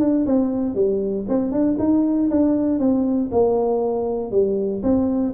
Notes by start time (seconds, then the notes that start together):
0.00 D4
0.27 C4
0.75 G3
1.29 C4
1.52 D4
1.79 D#4
2.31 D4
2.80 C4
3.32 A#3
4.32 G3
4.83 C4